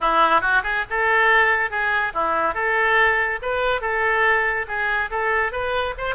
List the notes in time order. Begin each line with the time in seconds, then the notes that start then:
0.00 E4
0.41 F#4
0.63 G#4
0.90 A4
1.70 G#4
2.13 E4
2.54 A4
3.42 B4
3.81 A4
4.67 G#4
5.10 A4
5.51 B4
5.97 C5